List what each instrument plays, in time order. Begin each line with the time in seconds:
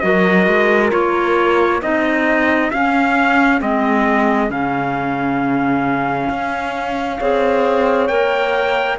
0.00 cello F#3, clarinet F#4, horn A#4, trumpet D#5
0.47 cello G#3
0.91 cello A#3, clarinet F4, trumpet C#5
1.82 cello C4, clarinet D#4, horn G#4, trumpet D#5
2.71 cello C#4, clarinet C#4, trumpet F5
3.60 cello G#3, clarinet C4, trumpet D#5
4.50 cello C#3, clarinet C#4, trumpet F5
6.30 cello C#4
7.18 cello C4, clarinet G#4, horn C#5
8.08 cello A#3, clarinet A#4, trumpet G5